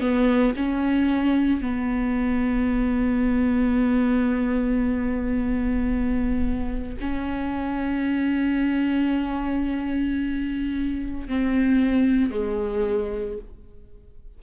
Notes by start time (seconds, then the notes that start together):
0.00 B3
0.56 C#4
1.61 B3
7.00 C#4
11.27 C4
12.31 G#3